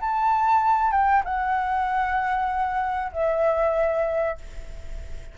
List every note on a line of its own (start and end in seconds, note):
0.00 0.91 A5
0.91 1.23 G5
1.25 3.12 F#5
3.13 4.38 E5